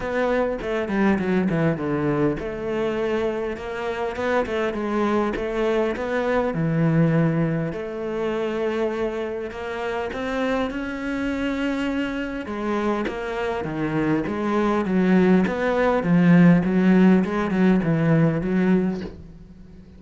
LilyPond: \new Staff \with { instrumentName = "cello" } { \time 4/4 \tempo 4 = 101 b4 a8 g8 fis8 e8 d4 | a2 ais4 b8 a8 | gis4 a4 b4 e4~ | e4 a2. |
ais4 c'4 cis'2~ | cis'4 gis4 ais4 dis4 | gis4 fis4 b4 f4 | fis4 gis8 fis8 e4 fis4 | }